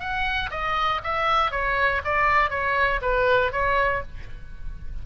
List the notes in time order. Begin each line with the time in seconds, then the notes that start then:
0.00 F#5
0.51 D#5
1.04 E5
1.52 C#5
2.05 D5
2.50 C#5
3.02 B4
3.52 C#5